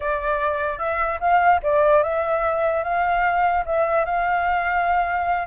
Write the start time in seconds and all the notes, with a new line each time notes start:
0.00 D5
0.78 E5
1.19 F5
1.62 D5
2.03 E5
2.83 F5
3.65 E5
4.05 F5